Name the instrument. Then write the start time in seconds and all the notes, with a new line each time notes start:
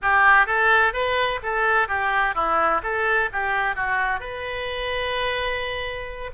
oboe
0.02 G4
0.46 A4
0.93 B4
1.42 A4
1.88 G4
2.34 E4
2.83 A4
3.32 G4
3.75 F#4
4.20 B4